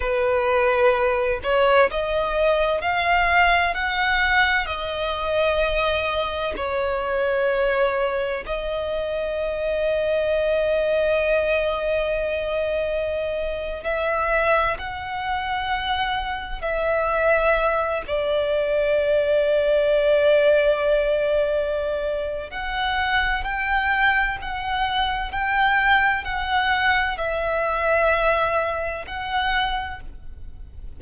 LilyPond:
\new Staff \with { instrumentName = "violin" } { \time 4/4 \tempo 4 = 64 b'4. cis''8 dis''4 f''4 | fis''4 dis''2 cis''4~ | cis''4 dis''2.~ | dis''2~ dis''8. e''4 fis''16~ |
fis''4.~ fis''16 e''4. d''8.~ | d''1 | fis''4 g''4 fis''4 g''4 | fis''4 e''2 fis''4 | }